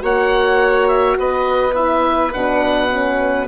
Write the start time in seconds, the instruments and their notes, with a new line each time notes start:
0.00 bassoon A#3, horn F#4, violin C#5, oboe F#5
0.88 oboe E5
1.19 bassoon B3, violin B4, oboe D#5
1.75 horn E4, oboe E5
2.33 bassoon B2, horn D4, oboe F#5
2.90 horn C#4